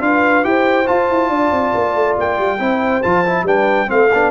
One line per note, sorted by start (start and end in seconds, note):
0.00 0.43 D4
0.00 0.43 F4
0.00 0.47 B4
0.00 0.44 F5
0.43 0.87 E4
0.43 0.85 G4
0.43 1.29 C5
0.43 0.87 G5
0.85 2.58 F4
0.85 1.10 F4
0.85 2.17 A5
1.10 1.29 E4
1.29 1.51 D4
1.29 2.58 D5
1.51 1.73 C4
1.74 1.94 A#3
1.94 2.16 A3
2.17 2.38 A#3
2.17 3.02 G5
2.38 2.59 G3
2.59 3.02 C4
2.59 3.02 E4
2.59 3.44 C5
3.02 3.43 F3
3.02 3.25 F4
3.02 3.45 A5
3.25 3.46 E4
3.43 3.86 G3
3.43 3.87 D4
3.43 3.87 B4
3.43 3.90 G5
3.87 4.12 A3
3.87 4.08 C4
3.87 4.31 F5
3.94 4.31 A4
4.13 4.31 B3
4.13 4.31 D4